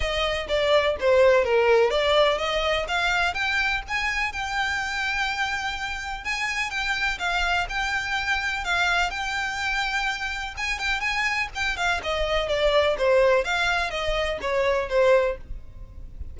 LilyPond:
\new Staff \with { instrumentName = "violin" } { \time 4/4 \tempo 4 = 125 dis''4 d''4 c''4 ais'4 | d''4 dis''4 f''4 g''4 | gis''4 g''2.~ | g''4 gis''4 g''4 f''4 |
g''2 f''4 g''4~ | g''2 gis''8 g''8 gis''4 | g''8 f''8 dis''4 d''4 c''4 | f''4 dis''4 cis''4 c''4 | }